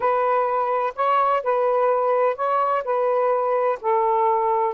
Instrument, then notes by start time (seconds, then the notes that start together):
saxophone
0.00 B4
0.95 C#5
1.43 B4
2.36 C#5
2.84 B4
3.81 A4